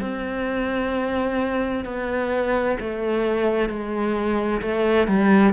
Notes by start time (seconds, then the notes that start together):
0.00 C4
1.85 B3
2.79 A3
3.69 G#3
4.62 A3
5.07 G3